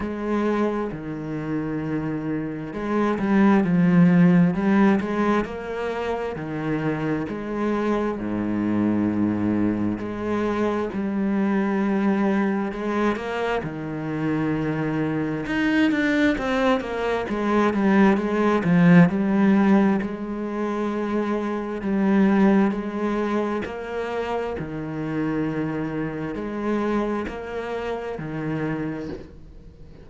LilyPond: \new Staff \with { instrumentName = "cello" } { \time 4/4 \tempo 4 = 66 gis4 dis2 gis8 g8 | f4 g8 gis8 ais4 dis4 | gis4 gis,2 gis4 | g2 gis8 ais8 dis4~ |
dis4 dis'8 d'8 c'8 ais8 gis8 g8 | gis8 f8 g4 gis2 | g4 gis4 ais4 dis4~ | dis4 gis4 ais4 dis4 | }